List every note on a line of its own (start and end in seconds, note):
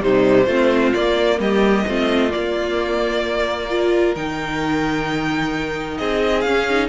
0.00 0.46 C3
0.00 0.46 G3
0.00 0.46 D#4
0.00 0.94 C5
0.46 0.92 A3
0.46 0.94 C4
0.46 1.38 F4
0.94 1.86 A#3
0.94 1.39 A#3
0.94 1.39 D5
1.39 1.84 G3
1.39 1.87 G4
1.39 2.31 D#5
1.87 2.33 A3
1.87 2.29 C4
1.87 3.70 F4
2.29 3.67 A#3
2.29 4.15 A#3
2.29 4.15 D5
3.69 4.15 F4
3.69 5.99 A#4
4.15 5.98 D#3
4.15 6.45 D#4
4.15 5.97 G5
5.97 6.45 C4
5.97 6.88 G#4
5.97 6.41 D#5
6.41 6.88 C#4
6.41 6.69 C#4
6.41 6.87 F5
6.69 6.88 D#4